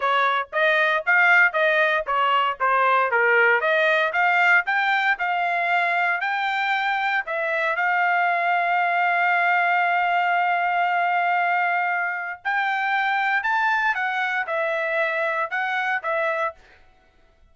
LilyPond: \new Staff \with { instrumentName = "trumpet" } { \time 4/4 \tempo 4 = 116 cis''4 dis''4 f''4 dis''4 | cis''4 c''4 ais'4 dis''4 | f''4 g''4 f''2 | g''2 e''4 f''4~ |
f''1~ | f''1 | g''2 a''4 fis''4 | e''2 fis''4 e''4 | }